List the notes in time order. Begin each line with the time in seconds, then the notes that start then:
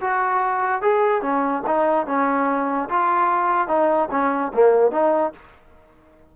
0.00 F#4
0.82 G#4
1.21 C#4
1.66 D#4
2.06 C#4
2.89 F4
3.68 D#4
4.11 C#4
4.54 A#3
4.91 D#4